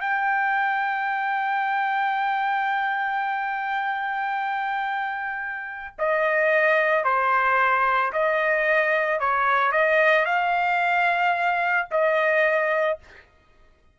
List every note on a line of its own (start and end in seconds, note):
0.00 5.95 G5
5.98 7.04 D#5
7.04 8.12 C5
8.12 9.19 D#5
9.19 9.71 C#5
9.71 10.25 D#5
10.25 11.87 F5
11.91 12.99 D#5